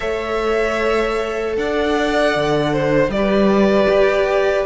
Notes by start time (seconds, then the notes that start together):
0.00 A3 A4 C#5 E5
1.56 D4 D5 F#5
2.35 D3
2.72 C5
3.08 G3 G4 D5
3.16 B4
3.89 G4